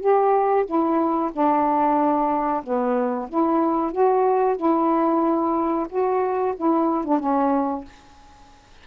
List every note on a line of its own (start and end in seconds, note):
0.00 0.65 G4
0.66 1.31 E4
1.33 2.63 D4
2.63 3.28 B3
3.29 3.92 E4
3.92 4.57 F#4
4.57 5.87 E4
5.89 6.55 F#4
6.57 7.05 E4
7.05 7.19 D4
7.19 7.85 C#4